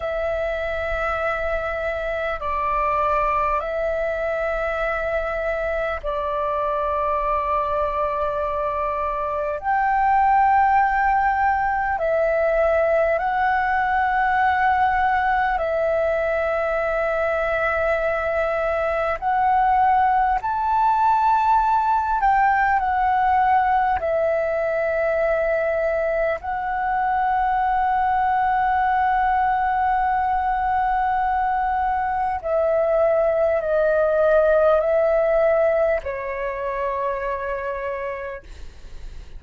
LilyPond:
\new Staff \with { instrumentName = "flute" } { \time 4/4 \tempo 4 = 50 e''2 d''4 e''4~ | e''4 d''2. | g''2 e''4 fis''4~ | fis''4 e''2. |
fis''4 a''4. g''8 fis''4 | e''2 fis''2~ | fis''2. e''4 | dis''4 e''4 cis''2 | }